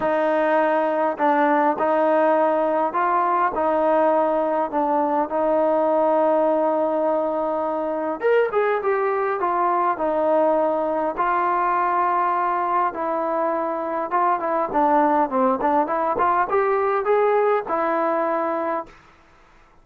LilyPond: \new Staff \with { instrumentName = "trombone" } { \time 4/4 \tempo 4 = 102 dis'2 d'4 dis'4~ | dis'4 f'4 dis'2 | d'4 dis'2.~ | dis'2 ais'8 gis'8 g'4 |
f'4 dis'2 f'4~ | f'2 e'2 | f'8 e'8 d'4 c'8 d'8 e'8 f'8 | g'4 gis'4 e'2 | }